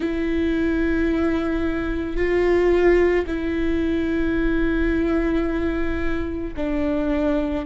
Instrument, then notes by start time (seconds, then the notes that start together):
viola
0.00 E4
2.16 F4
3.26 E4
6.56 D4